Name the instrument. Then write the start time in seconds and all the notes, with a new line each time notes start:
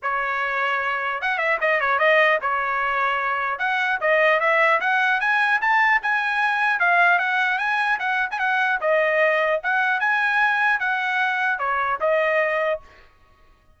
trumpet
0.02 C#5
1.21 F#5
1.38 E5
1.60 D#5
1.80 C#5
1.98 D#5
2.41 C#5
3.59 F#5
4.00 D#5
4.39 E5
4.80 F#5
5.20 G#5
5.61 A5
6.02 G#5
6.79 F5
7.19 F#5
7.58 G#5
7.99 F#5
8.31 G#5
8.39 F#5
8.81 D#5
9.63 F#5
9.99 G#5
10.79 F#5
11.59 C#5
12.00 D#5